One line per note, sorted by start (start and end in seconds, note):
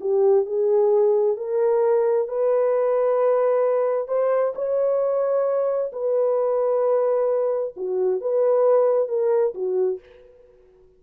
0.00 0.45 G4
0.45 1.36 G#4
1.37 2.27 A#4
2.28 4.08 B4
4.08 4.53 C5
4.55 5.91 C#5
5.92 7.74 B4
7.76 8.20 F#4
8.20 9.08 B4
9.08 9.54 A#4
9.54 9.99 F#4